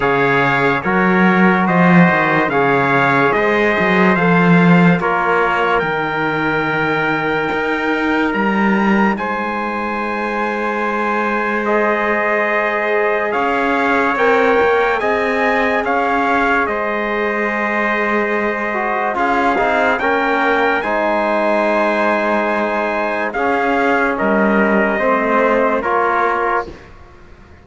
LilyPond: <<
  \new Staff \with { instrumentName = "trumpet" } { \time 4/4 \tempo 4 = 72 f''4 cis''4 dis''4 f''4 | dis''4 f''4 cis''4 g''4~ | g''2 ais''4 gis''4~ | gis''2 dis''2 |
f''4 g''4 gis''4 f''4 | dis''2. f''4 | g''4 gis''2. | f''4 dis''2 cis''4 | }
  \new Staff \with { instrumentName = "trumpet" } { \time 4/4 cis''4 ais'4 c''4 cis''4 | c''2 ais'2~ | ais'2. c''4~ | c''1 |
cis''2 dis''4 cis''4 | c''2. gis'4 | ais'4 c''2. | gis'4 ais'4 c''4 ais'4 | }
  \new Staff \with { instrumentName = "trombone" } { \time 4/4 gis'4 fis'2 gis'4~ | gis'4 a'4 f'4 dis'4~ | dis'1~ | dis'2 gis'2~ |
gis'4 ais'4 gis'2~ | gis'2~ gis'8 fis'8 f'8 dis'8 | cis'4 dis'2. | cis'2 c'4 f'4 | }
  \new Staff \with { instrumentName = "cello" } { \time 4/4 cis4 fis4 f8 dis8 cis4 | gis8 fis8 f4 ais4 dis4~ | dis4 dis'4 g4 gis4~ | gis1 |
cis'4 c'8 ais8 c'4 cis'4 | gis2. cis'8 c'8 | ais4 gis2. | cis'4 g4 a4 ais4 | }
>>